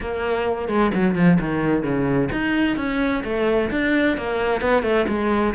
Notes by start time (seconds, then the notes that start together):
0.00 A#3
0.68 G#3
0.94 F#3
1.15 F3
1.40 D#3
1.83 C#3
2.31 D#4
2.77 C#4
3.24 A3
3.70 D4
4.17 A#3
4.61 B3
4.83 A3
5.07 G#3